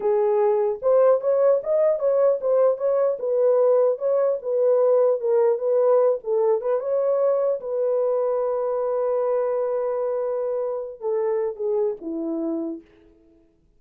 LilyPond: \new Staff \with { instrumentName = "horn" } { \time 4/4 \tempo 4 = 150 gis'2 c''4 cis''4 | dis''4 cis''4 c''4 cis''4 | b'2 cis''4 b'4~ | b'4 ais'4 b'4. a'8~ |
a'8 b'8 cis''2 b'4~ | b'1~ | b'2.~ b'8 a'8~ | a'4 gis'4 e'2 | }